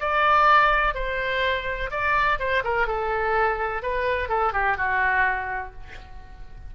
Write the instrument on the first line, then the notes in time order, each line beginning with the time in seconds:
oboe
0.00 D5
0.94 C5
1.91 D5
2.40 C5
2.64 A#4
2.87 A4
3.82 B4
4.29 A4
4.53 G4
4.77 F#4